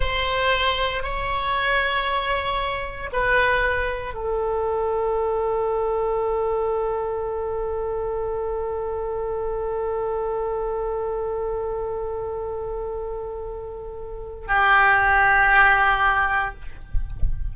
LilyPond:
\new Staff \with { instrumentName = "oboe" } { \time 4/4 \tempo 4 = 116 c''2 cis''2~ | cis''2 b'2 | a'1~ | a'1~ |
a'1~ | a'1~ | a'1 | g'1 | }